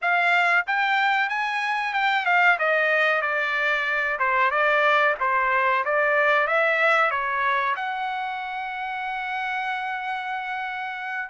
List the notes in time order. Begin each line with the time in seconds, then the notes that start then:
0.01 F5
0.66 G5
1.29 G#5
1.93 G5
2.25 F5
2.58 D#5
3.21 D5
4.19 C5
4.50 D5
5.19 C5
5.84 D5
6.47 E5
7.10 C#5
7.76 F#5